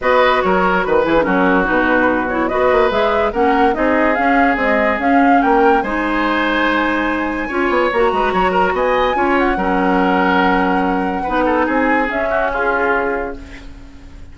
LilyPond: <<
  \new Staff \with { instrumentName = "flute" } { \time 4/4 \tempo 4 = 144 dis''4 cis''4 b'8 gis'8 ais'4 | b'4. cis''8 dis''4 e''4 | fis''4 dis''4 f''4 dis''4 | f''4 g''4 gis''2~ |
gis''2. ais''4~ | ais''4 gis''4. fis''4.~ | fis''1 | gis''4 e''4 gis'2 | }
  \new Staff \with { instrumentName = "oboe" } { \time 4/4 b'4 ais'4 b'4 fis'4~ | fis'2 b'2 | ais'4 gis'2.~ | gis'4 ais'4 c''2~ |
c''2 cis''4. b'8 | cis''8 ais'8 dis''4 cis''4 ais'4~ | ais'2. b'8 a'8 | gis'4. fis'8 f'2 | }
  \new Staff \with { instrumentName = "clarinet" } { \time 4/4 fis'2~ fis'8 e'16 dis'16 cis'4 | dis'4. e'8 fis'4 gis'4 | cis'4 dis'4 cis'4 gis4 | cis'2 dis'2~ |
dis'2 f'4 fis'4~ | fis'2 f'4 cis'4~ | cis'2. dis'4~ | dis'4 cis'2. | }
  \new Staff \with { instrumentName = "bassoon" } { \time 4/4 b4 fis4 dis8 e8 fis4 | b,2 b8 ais8 gis4 | ais4 c'4 cis'4 c'4 | cis'4 ais4 gis2~ |
gis2 cis'8 b8 ais8 gis8 | fis4 b4 cis'4 fis4~ | fis2. b4 | c'4 cis'2. | }
>>